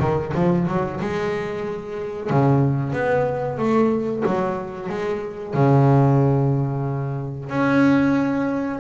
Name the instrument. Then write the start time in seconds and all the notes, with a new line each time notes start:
double bass
0.00 D#3
0.35 F3
0.68 F#3
1.00 G#3
2.30 C#3
2.93 B3
3.58 A3
4.26 F#3
4.89 G#3
5.54 C#3
7.49 C#4